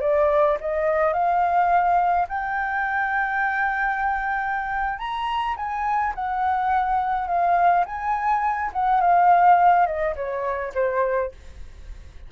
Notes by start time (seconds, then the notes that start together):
0.00 D5
0.60 D#5
1.13 F5
2.28 G5
4.98 A#5
5.56 G#5
6.14 F#5
7.27 F5
7.85 G#5
8.72 F#5
9.00 F5
9.86 D#5
10.15 C#5
10.74 C5